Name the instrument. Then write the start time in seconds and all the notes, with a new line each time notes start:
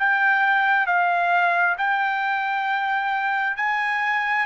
trumpet
0.00 G5
0.87 F5
1.78 G5
3.57 G#5